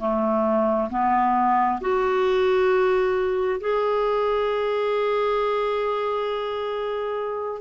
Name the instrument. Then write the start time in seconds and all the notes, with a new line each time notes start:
clarinet
0.00 A3
0.90 B3
1.81 F#4
3.61 G#4